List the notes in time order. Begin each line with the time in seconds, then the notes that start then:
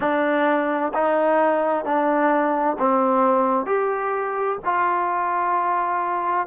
0.00 D4
0.94 D#4
1.84 D4
2.78 C4
3.66 G4
4.64 F4